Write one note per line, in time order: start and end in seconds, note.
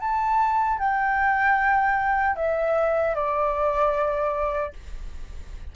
0.00 0.79 A5
0.79 2.36 G5
2.36 3.15 E5
3.15 4.73 D5